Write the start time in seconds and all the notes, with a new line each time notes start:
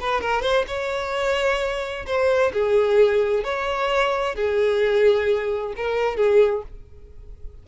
0.00 B4
0.21 A#4
0.42 C5
0.67 C#5
2.06 C5
2.53 G#4
3.44 C#5
4.35 G#4
5.76 A#4
6.16 G#4